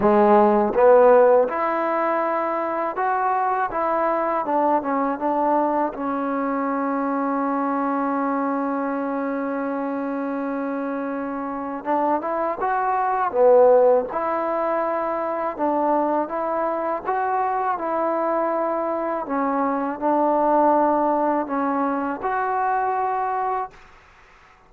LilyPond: \new Staff \with { instrumentName = "trombone" } { \time 4/4 \tempo 4 = 81 gis4 b4 e'2 | fis'4 e'4 d'8 cis'8 d'4 | cis'1~ | cis'1 |
d'8 e'8 fis'4 b4 e'4~ | e'4 d'4 e'4 fis'4 | e'2 cis'4 d'4~ | d'4 cis'4 fis'2 | }